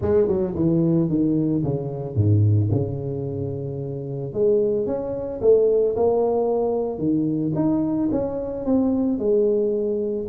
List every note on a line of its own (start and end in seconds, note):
0.01 0.27 G#3
0.27 0.54 F#3
0.55 1.09 E3
1.09 1.63 D#3
1.63 2.15 C#3
2.15 2.69 G#2
2.71 4.33 C#3
4.33 4.86 G#3
4.86 5.40 C#4
5.41 5.95 A3
5.96 6.98 A#3
6.98 7.52 D#3
7.55 8.09 D#4
8.11 8.65 C#4
8.65 9.18 C4
9.18 10.27 G#3